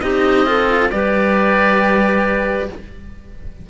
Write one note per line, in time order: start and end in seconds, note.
0.00 0.91 C4
0.00 0.46 D#4
0.00 0.47 G4
0.00 0.88 D#5
0.46 0.90 F4
0.46 0.91 A4
0.91 2.69 G3
0.91 2.68 G4
0.91 2.69 B4
0.91 2.67 D5